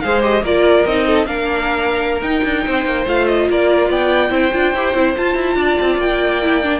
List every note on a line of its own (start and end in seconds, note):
0.00 0.43 G#3
0.00 0.22 G#4
0.00 0.43 C5
0.00 0.21 F5
0.22 0.43 G4
0.22 0.44 D#5
0.43 0.85 A#3
0.43 0.87 F4
0.43 1.06 A#4
0.43 0.85 D5
0.85 1.27 C4
0.85 1.25 D#4
0.85 1.26 D#5
1.06 1.27 A4
1.25 2.21 A#3
1.25 2.20 D4
1.25 2.64 A#4
1.25 2.20 F5
2.21 2.42 D#4
2.21 3.06 D#4
2.21 3.06 G5
2.44 2.65 D4
2.65 2.85 C4
2.65 3.49 C5
2.85 3.06 A#3
3.06 3.48 A3
3.06 4.29 F4
3.06 3.27 F5
3.27 3.48 D#5
3.49 3.90 A#3
3.49 3.89 A#4
3.49 3.91 D5
3.89 4.30 B3
3.89 4.31 D5
3.89 5.17 G5
4.29 4.51 C4
4.29 4.50 E4
4.29 5.57 C5
4.53 4.74 D4
4.53 4.74 F4
4.74 4.93 E4
4.74 4.94 G4
4.93 5.14 C4
4.93 5.15 E4
5.16 6.42 F4
5.16 5.34 F4
5.16 6.00 A5
5.34 5.55 E4
5.55 5.76 D4
5.55 6.80 D5
5.81 5.98 C4
5.98 6.80 A#3
5.98 6.80 G5
6.42 6.62 E4
6.62 6.80 D4